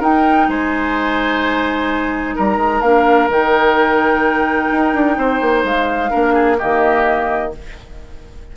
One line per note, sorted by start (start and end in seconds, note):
0.00 0.47 D#4
0.00 2.82 D#4
0.00 0.47 A#4
0.00 0.49 G5
0.48 2.36 G#3
0.48 2.36 C5
0.48 2.37 G#5
2.36 2.57 G3
2.36 5.17 A#4
2.36 2.82 A#5
2.57 2.81 G#3
2.82 3.29 A#3
2.82 3.30 D4
2.82 3.29 F5
3.29 4.69 D#3
3.29 6.10 D#4
3.29 5.66 G5
4.72 4.94 D#4
4.94 5.17 D4
5.17 5.41 C4
5.17 6.11 C5
5.41 5.64 A#3
5.64 6.11 G#3
5.64 6.58 F5
6.10 6.62 A#3
6.10 6.57 D4
6.10 6.34 A#4
6.34 6.57 G#4
6.58 7.57 D#3
6.58 7.52 A#3
6.58 7.52 G4
6.58 7.52 D#5